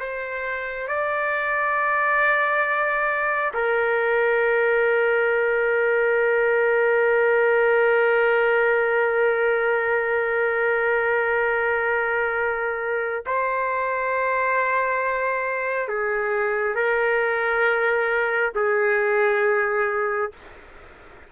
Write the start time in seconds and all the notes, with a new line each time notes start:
0.00 C5
0.88 D5
3.54 A#4
13.26 C5
15.88 G#4
16.76 A#4
18.55 G#4